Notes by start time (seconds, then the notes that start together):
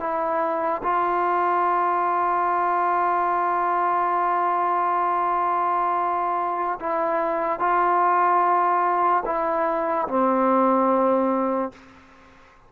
0.00 E4
0.83 F4
6.80 E4
7.59 F4
9.25 E4
10.08 C4